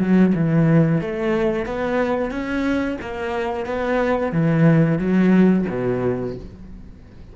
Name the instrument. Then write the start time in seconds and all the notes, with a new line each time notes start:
cello
0.00 F#3
0.35 E3
1.01 A3
1.66 B3
2.31 C#4
3.02 A#3
3.66 B3
4.33 E3
4.99 F#3
5.69 B2